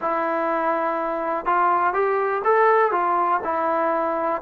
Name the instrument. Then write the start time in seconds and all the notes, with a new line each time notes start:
trombone
0.01 E4
1.45 F4
1.93 G4
2.44 A4
2.91 F4
3.44 E4